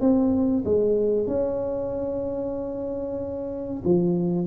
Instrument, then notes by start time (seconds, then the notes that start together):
tuba
0.00 C4
0.64 G#3
1.27 C#4
3.84 F3